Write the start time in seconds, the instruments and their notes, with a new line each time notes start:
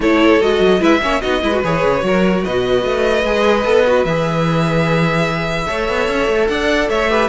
0.00 cello A3, viola E4, violin A4 C#5
0.41 cello G#3, viola F#4, violin D#5
0.60 cello F#3
0.80 cello G#3, viola E4, violin B4 E5
1.01 cello A#3, viola C#4, violin C#5
1.20 cello B3, viola D#4, violin F#4 D#5
1.42 cello G#3, viola E4, violin B4
1.52 viola F#4
1.63 cello E3, viola G#4, violin C#5
1.84 cello C#3
2.00 cello F#3, viola F#4, violin A#4
2.43 cello B2, violin B4 D#5
2.84 cello A3
3.24 cello G#3, viola G#4
3.64 cello B3, viola A4
3.87 viola F#4
4.04 cello E3, viola G#4, violin E5
5.67 cello A3, viola A4, violin C#5
5.88 cello B3
6.08 cello C#4
6.27 cello A3
6.48 cello D4, violin D5 F#5
6.88 cello A3, violin C#5 E5
7.09 viola G4, violin B4